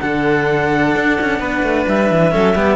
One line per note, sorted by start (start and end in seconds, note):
0.00 0.95 D3
0.00 2.32 D4
0.00 1.40 A4
0.00 1.86 F#5
0.95 1.19 D4
1.21 1.39 C#4
1.39 1.63 B3
1.39 2.33 B4
1.63 1.86 A3
1.88 2.11 G3
1.88 2.76 E5
2.11 2.34 E3
2.32 2.56 F#3
2.32 2.55 C#4
2.32 2.56 A4
2.56 2.76 G3
2.56 2.76 B3
2.56 2.76 G4